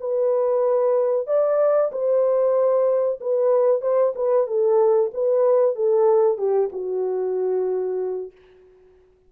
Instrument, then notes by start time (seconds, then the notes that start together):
horn
0.00 B4
1.27 D5
1.92 C5
3.21 B4
3.81 C5
4.15 B4
4.47 A4
5.14 B4
5.75 A4
6.38 G4
6.72 F#4